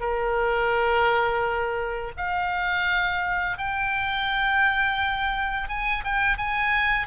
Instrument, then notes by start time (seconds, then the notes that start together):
oboe
0.00 A#4
2.17 F5
3.58 G5
5.69 G#5
6.04 G5
6.37 G#5